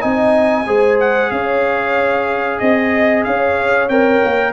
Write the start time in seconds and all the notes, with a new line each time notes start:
0.00 C4 D#4 D#5 G#5
0.67 G#3 G#4 C5
1.00 F#5
1.31 C#4 C#5 F5
2.59 C4 D#5
3.24 C#4 C#5 F5
3.89 C4 A#4 G5
4.24 A#3